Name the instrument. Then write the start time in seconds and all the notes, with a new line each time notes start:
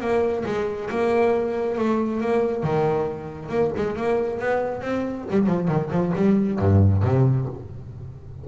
double bass
0.00 A#3
0.45 G#3
0.90 A#3
1.78 A3
2.20 A#3
2.63 D#3
3.49 A#3
3.76 G#3
3.96 A#3
4.39 B3
4.81 C4
5.30 G3
5.46 F3
5.68 D#3
5.90 F3
6.15 G3
6.59 G2
7.02 C3